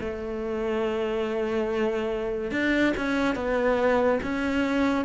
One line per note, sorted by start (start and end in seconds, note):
0.00 2.51 A3
2.51 2.93 D4
2.97 3.35 C#4
3.35 4.20 B3
4.23 5.05 C#4